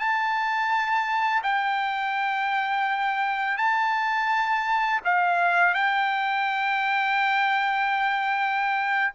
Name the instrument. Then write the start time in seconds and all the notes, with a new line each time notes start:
trumpet
0.00 A5
1.44 G5
3.58 A5
5.05 F5
5.75 G5